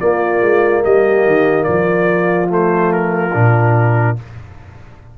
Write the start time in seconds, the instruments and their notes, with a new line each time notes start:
0.00 trombone A#3, tuba A#3, horn F4, trumpet D5
0.41 tuba G#3
0.84 tuba G3, horn G4, trumpet D#5
1.26 tuba D#3
1.64 tuba F3, horn F4, trumpet D5
2.48 trombone A3, trumpet C5
2.93 trumpet A#4
3.33 tuba A#2, trombone D4